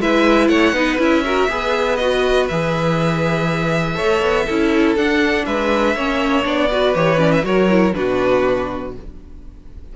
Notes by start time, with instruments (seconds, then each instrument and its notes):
0.00 cello G#3, viola E4, violin B4 E5
0.48 cello A3, violin C#5 F#5
0.73 cello B3, viola D#4, violin B4
0.98 cello C#4, viola E4, violin E5
1.25 viola F#4, violin A#4
1.50 cello B3, viola G#4, violin B4
1.97 viola F#4, violin D#5
2.48 cello E3, viola G#4, violin E5
3.95 cello A3, viola A4, violin C#5
4.22 cello B3
4.46 cello C#4, viola E4, violin A4
4.96 cello D4, viola D4, violin F#5
5.46 cello G#3, violin B4 E5
5.96 cello A#3, viola C#4, violin C#5
6.43 cello B3, viola D4, violin D5
6.71 viola F#4, violin B4
6.95 cello E3, viola G4, violin C#5
7.18 viola C#4, violin D5
7.32 violin E5
7.43 cello F#3, viola F#4, violin A#4 C#5
7.70 viola E4
7.94 cello B2, viola D4, violin F#4 B4